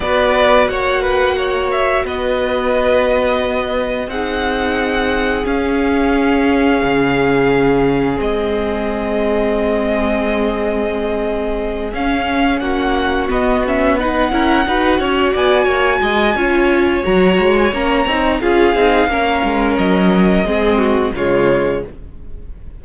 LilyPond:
<<
  \new Staff \with { instrumentName = "violin" } { \time 4/4 \tempo 4 = 88 d''4 fis''4. e''8 dis''4~ | dis''2 fis''2 | f''1 | dis''1~ |
dis''4. f''4 fis''4 dis''8 | e''8 fis''2 gis''4.~ | gis''4 ais''8. gis''16 ais''4 f''4~ | f''4 dis''2 cis''4 | }
  \new Staff \with { instrumentName = "violin" } { \time 4/4 b'4 cis''8 b'8 cis''4 b'4~ | b'2 gis'2~ | gis'1~ | gis'1~ |
gis'2~ gis'8 fis'4.~ | fis'8 b'8 ais'8 b'8 cis''8 d''8 cis''8 dis''8 | cis''2. gis'4 | ais'2 gis'8 fis'8 f'4 | }
  \new Staff \with { instrumentName = "viola" } { \time 4/4 fis'1~ | fis'2 dis'2 | cis'1 | c'1~ |
c'4. cis'2 b8 | cis'8 dis'8 e'8 fis'2~ fis'8 | f'4 fis'4 cis'8 dis'8 f'8 dis'8 | cis'2 c'4 gis4 | }
  \new Staff \with { instrumentName = "cello" } { \time 4/4 b4 ais2 b4~ | b2 c'2 | cis'2 cis2 | gis1~ |
gis4. cis'4 ais4 b8~ | b4 cis'8 dis'8 cis'8 b8 ais8 gis8 | cis'4 fis8 gis8 ais8 c'8 cis'8 c'8 | ais8 gis8 fis4 gis4 cis4 | }
>>